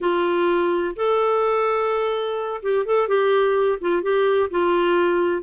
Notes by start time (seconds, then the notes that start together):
0.00 F4
0.96 A4
2.62 G4
2.85 A4
3.08 G4
3.80 F4
4.02 G4
4.50 F4